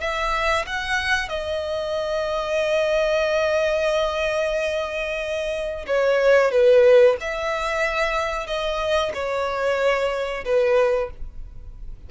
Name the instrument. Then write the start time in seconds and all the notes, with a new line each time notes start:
violin
0.00 E5
0.66 F#5
1.29 D#5
5.87 C#5
6.51 B4
7.20 E5
8.46 D#5
9.14 C#5
10.45 B4